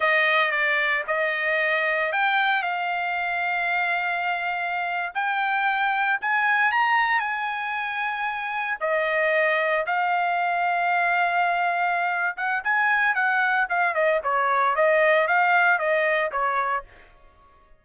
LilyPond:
\new Staff \with { instrumentName = "trumpet" } { \time 4/4 \tempo 4 = 114 dis''4 d''4 dis''2 | g''4 f''2.~ | f''4.~ f''16 g''2 gis''16~ | gis''8. ais''4 gis''2~ gis''16~ |
gis''8. dis''2 f''4~ f''16~ | f''2.~ f''8 fis''8 | gis''4 fis''4 f''8 dis''8 cis''4 | dis''4 f''4 dis''4 cis''4 | }